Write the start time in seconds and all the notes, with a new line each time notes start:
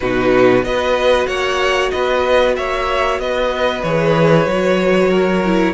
0.00 B2 D#4 F#4 B4
0.62 B3 F#4 B4 D#5
1.26 A#3 C#5 F#5
1.90 B3 B4 D#5
2.55 A#3 C#5 E5
3.18 B3 B4 D#5
3.82 E3 G#4 C#5
4.45 F#3 F#4
5.10 A#4
5.45 E4